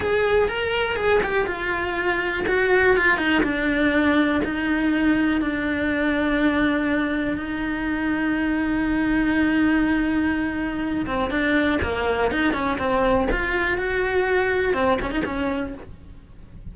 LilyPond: \new Staff \with { instrumentName = "cello" } { \time 4/4 \tempo 4 = 122 gis'4 ais'4 gis'8 g'8 f'4~ | f'4 fis'4 f'8 dis'8 d'4~ | d'4 dis'2 d'4~ | d'2. dis'4~ |
dis'1~ | dis'2~ dis'8 c'8 d'4 | ais4 dis'8 cis'8 c'4 f'4 | fis'2 c'8 cis'16 dis'16 cis'4 | }